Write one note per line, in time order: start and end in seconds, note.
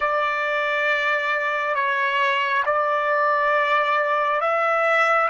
0.00 1.74 D5
1.74 2.63 C#5
2.65 4.40 D5
4.40 5.29 E5